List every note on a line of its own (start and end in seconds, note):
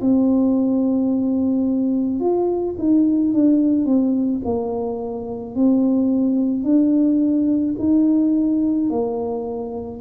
0.00 2.19 C4
2.19 2.75 F4
2.78 3.33 D#4
3.33 3.85 D4
3.85 4.41 C4
4.44 5.55 A#3
5.55 6.64 C4
6.64 7.75 D4
7.78 8.89 D#4
8.89 10.01 A#3